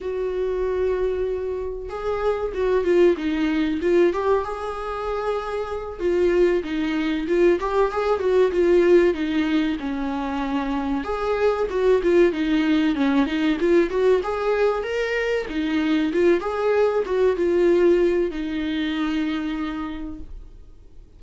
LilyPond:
\new Staff \with { instrumentName = "viola" } { \time 4/4 \tempo 4 = 95 fis'2. gis'4 | fis'8 f'8 dis'4 f'8 g'8 gis'4~ | gis'4. f'4 dis'4 f'8 | g'8 gis'8 fis'8 f'4 dis'4 cis'8~ |
cis'4. gis'4 fis'8 f'8 dis'8~ | dis'8 cis'8 dis'8 f'8 fis'8 gis'4 ais'8~ | ais'8 dis'4 f'8 gis'4 fis'8 f'8~ | f'4 dis'2. | }